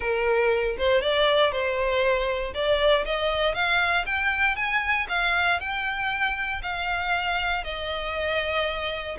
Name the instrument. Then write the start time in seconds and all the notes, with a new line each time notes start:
violin
0.00 A#4
0.78 C5
1.01 D5
1.51 C5
2.54 D5
3.05 D#5
3.54 F5
4.06 G5
4.56 G#5
5.08 F5
5.60 G5
6.62 F5
7.63 D#5